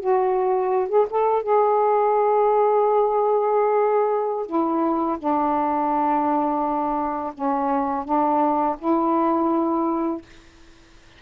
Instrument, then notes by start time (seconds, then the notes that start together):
saxophone
0.00 F#4
0.89 G#4
1.10 A4
1.43 G#4
4.47 E4
5.19 D4
7.34 C#4
8.05 D4
8.79 E4